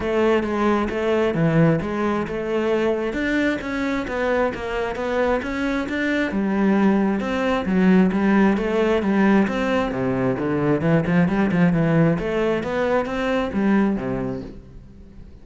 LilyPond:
\new Staff \with { instrumentName = "cello" } { \time 4/4 \tempo 4 = 133 a4 gis4 a4 e4 | gis4 a2 d'4 | cis'4 b4 ais4 b4 | cis'4 d'4 g2 |
c'4 fis4 g4 a4 | g4 c'4 c4 d4 | e8 f8 g8 f8 e4 a4 | b4 c'4 g4 c4 | }